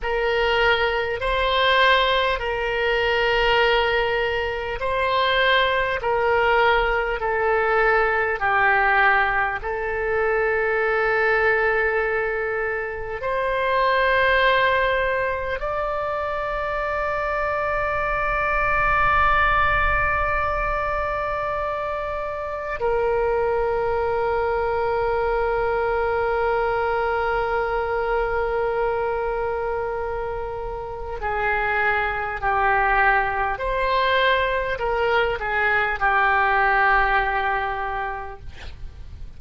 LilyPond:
\new Staff \with { instrumentName = "oboe" } { \time 4/4 \tempo 4 = 50 ais'4 c''4 ais'2 | c''4 ais'4 a'4 g'4 | a'2. c''4~ | c''4 d''2.~ |
d''2. ais'4~ | ais'1~ | ais'2 gis'4 g'4 | c''4 ais'8 gis'8 g'2 | }